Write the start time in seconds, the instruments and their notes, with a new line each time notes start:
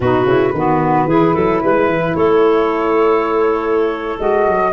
0.00 tuba B2, saxophone D#4, clarinet F#4, flute B4
0.24 tuba C#3, saxophone E4
0.53 tuba D#3, clarinet B3, saxophone F#4
1.05 tuba E3, saxophone E4, clarinet G#4
1.34 tuba F#3, clarinet A4
1.63 tuba G#3, clarinet B4
1.87 tuba E3
2.15 tuba A3, clarinet A4, flute C#5
4.18 tuba G#3, saxophone F#4, flute D#5
4.46 tuba F#3